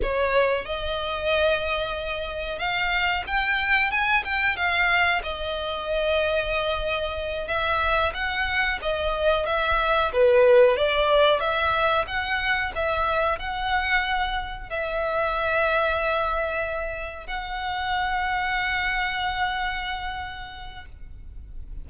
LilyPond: \new Staff \with { instrumentName = "violin" } { \time 4/4 \tempo 4 = 92 cis''4 dis''2. | f''4 g''4 gis''8 g''8 f''4 | dis''2.~ dis''8 e''8~ | e''8 fis''4 dis''4 e''4 b'8~ |
b'8 d''4 e''4 fis''4 e''8~ | e''8 fis''2 e''4.~ | e''2~ e''8 fis''4.~ | fis''1 | }